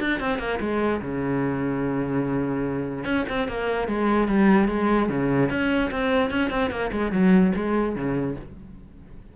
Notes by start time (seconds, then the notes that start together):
0.00 D4
0.20 C4
0.39 A#3
0.60 G#3
1.02 C#3
3.05 C#4
3.29 C4
3.48 A#3
3.88 G#3
4.28 G3
4.68 G#3
5.09 C#3
5.50 C#4
5.91 C4
6.31 C#4
6.50 C4
6.71 A#3
6.92 G#3
7.12 F#3
7.55 G#3
7.96 C#3